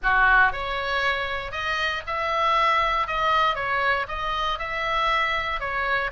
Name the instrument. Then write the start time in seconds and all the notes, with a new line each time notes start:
oboe
0.02 F#4
0.52 C#5
1.51 D#5
2.06 E5
3.07 D#5
3.55 C#5
4.08 D#5
4.58 E5
5.60 C#5